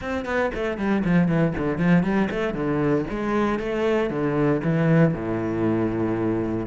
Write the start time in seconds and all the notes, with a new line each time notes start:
0.01 C4
0.25 B3
0.54 A3
0.77 G3
1.04 F3
1.28 E3
1.57 D3
1.77 F3
2.03 G3
2.30 A3
2.54 D3
3.10 G#3
3.59 A3
4.10 D3
4.63 E3
5.14 A2